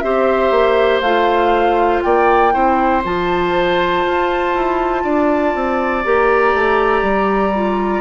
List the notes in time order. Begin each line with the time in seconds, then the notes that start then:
0.00 C4 G4 C5 E5
0.51 A#3
1.01 A3 F4 F5
2.03 A#3 D5 G5
2.52 C4 E4 C5
3.04 F3 F4 A5
4.06 F4
4.55 E4
5.04 D4 D5
5.55 C4
6.05 A#3 G4 A#5
6.54 A3
7.02 G3
7.55 F4